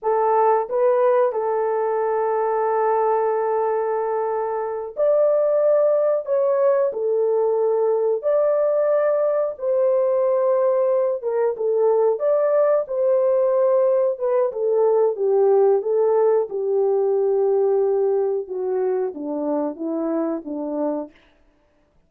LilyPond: \new Staff \with { instrumentName = "horn" } { \time 4/4 \tempo 4 = 91 a'4 b'4 a'2~ | a'2.~ a'8 d''8~ | d''4. cis''4 a'4.~ | a'8 d''2 c''4.~ |
c''4 ais'8 a'4 d''4 c''8~ | c''4. b'8 a'4 g'4 | a'4 g'2. | fis'4 d'4 e'4 d'4 | }